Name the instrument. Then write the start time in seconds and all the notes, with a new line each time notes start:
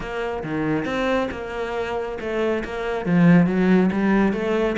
cello
0.00 A#3
0.43 D#3
0.85 C4
1.31 A#3
2.20 A3
2.64 A#3
3.05 F3
3.46 F#3
3.92 G3
4.33 A3